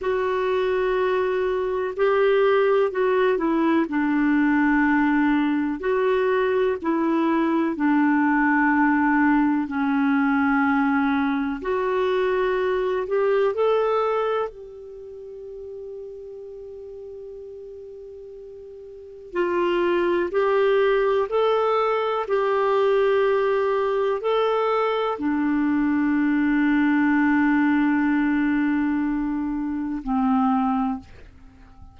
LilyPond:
\new Staff \with { instrumentName = "clarinet" } { \time 4/4 \tempo 4 = 62 fis'2 g'4 fis'8 e'8 | d'2 fis'4 e'4 | d'2 cis'2 | fis'4. g'8 a'4 g'4~ |
g'1 | f'4 g'4 a'4 g'4~ | g'4 a'4 d'2~ | d'2. c'4 | }